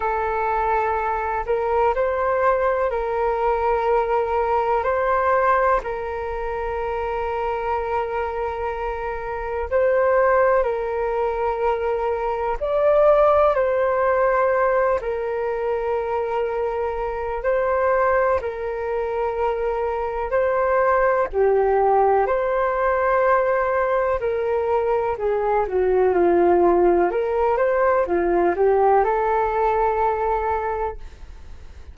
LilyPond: \new Staff \with { instrumentName = "flute" } { \time 4/4 \tempo 4 = 62 a'4. ais'8 c''4 ais'4~ | ais'4 c''4 ais'2~ | ais'2 c''4 ais'4~ | ais'4 d''4 c''4. ais'8~ |
ais'2 c''4 ais'4~ | ais'4 c''4 g'4 c''4~ | c''4 ais'4 gis'8 fis'8 f'4 | ais'8 c''8 f'8 g'8 a'2 | }